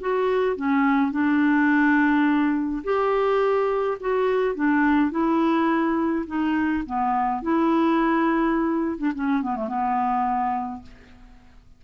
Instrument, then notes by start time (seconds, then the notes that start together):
clarinet
0.00 F#4
0.56 C#4
1.11 D4
2.84 G4
4.00 F#4
4.55 D4
5.11 E4
6.26 D#4
6.86 B3
7.42 E4
8.98 D4
9.15 C#4
9.42 B3
9.56 A3
9.68 B3